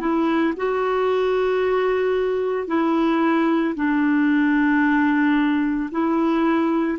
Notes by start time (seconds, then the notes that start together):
0.00 E4
0.56 F#4
2.67 E4
3.75 D4
5.91 E4